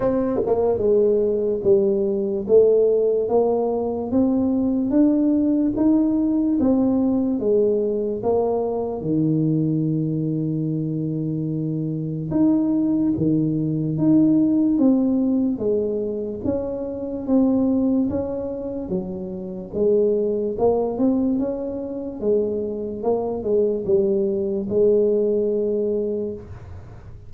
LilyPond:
\new Staff \with { instrumentName = "tuba" } { \time 4/4 \tempo 4 = 73 c'8 ais8 gis4 g4 a4 | ais4 c'4 d'4 dis'4 | c'4 gis4 ais4 dis4~ | dis2. dis'4 |
dis4 dis'4 c'4 gis4 | cis'4 c'4 cis'4 fis4 | gis4 ais8 c'8 cis'4 gis4 | ais8 gis8 g4 gis2 | }